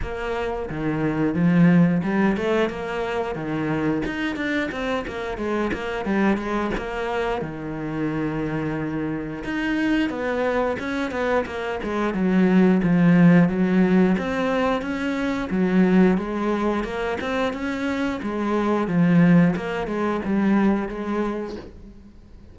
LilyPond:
\new Staff \with { instrumentName = "cello" } { \time 4/4 \tempo 4 = 89 ais4 dis4 f4 g8 a8 | ais4 dis4 dis'8 d'8 c'8 ais8 | gis8 ais8 g8 gis8 ais4 dis4~ | dis2 dis'4 b4 |
cis'8 b8 ais8 gis8 fis4 f4 | fis4 c'4 cis'4 fis4 | gis4 ais8 c'8 cis'4 gis4 | f4 ais8 gis8 g4 gis4 | }